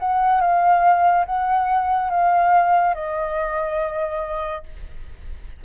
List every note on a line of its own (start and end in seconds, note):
0.00 0.41 F#5
0.41 1.26 F5
1.26 2.10 F#5
2.10 2.95 F5
2.95 4.64 D#5